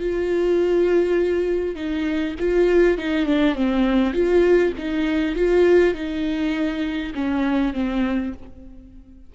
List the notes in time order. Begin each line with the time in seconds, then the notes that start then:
0.00 F4
1.76 D#4
2.40 F4
2.98 D#4
3.26 D4
3.55 C4
4.14 F4
4.78 D#4
5.35 F4
5.94 D#4
7.14 C#4
7.74 C4